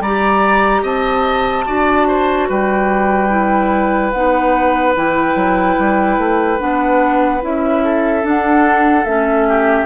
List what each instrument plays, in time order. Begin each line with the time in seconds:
0.00 bassoon G3, clarinet G4, oboe D5, flute A#5
0.82 bassoon C4, oboe D#5, flute A5
1.66 bassoon D4, clarinet F#4, oboe D5
2.08 oboe C5
2.49 bassoon G3, oboe B4, flute G5
3.29 clarinet E4
4.11 bassoon B3, clarinet D#4, flute F#5
4.95 bassoon E3, clarinet E4, flute G5
5.35 bassoon F#3
5.79 bassoon G3
6.18 bassoon A3
6.58 bassoon B3, clarinet D4, flute F#5
7.41 bassoon C#4, clarinet E4, flute E5
7.84 oboe A4
8.23 clarinet D4, bassoon D4, flute F#5
9.05 bassoon A3, clarinet C#4, flute E5
9.48 oboe G4